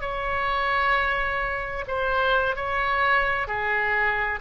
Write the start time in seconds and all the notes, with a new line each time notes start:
0.00 C#5
1.87 C5
2.56 C#5
3.47 G#4